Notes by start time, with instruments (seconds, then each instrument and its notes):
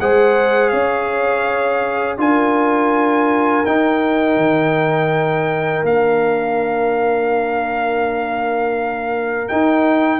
0.00 tuba G#3, trombone G#4, horn C5, trumpet F#5
0.69 tuba C#4, horn C#5, trumpet F5
2.18 tuba D4, trombone F4, horn A#4, trumpet G#5
3.66 tuba D#4, trombone D#4, trumpet G5
4.37 tuba D#3
5.83 tuba A#3, trombone D4, trumpet F5
9.48 trombone D#4, tuba D#4, trumpet G5